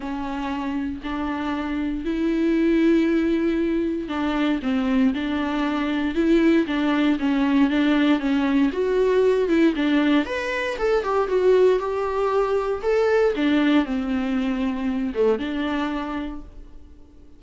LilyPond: \new Staff \with { instrumentName = "viola" } { \time 4/4 \tempo 4 = 117 cis'2 d'2 | e'1 | d'4 c'4 d'2 | e'4 d'4 cis'4 d'4 |
cis'4 fis'4. e'8 d'4 | b'4 a'8 g'8 fis'4 g'4~ | g'4 a'4 d'4 c'4~ | c'4. a8 d'2 | }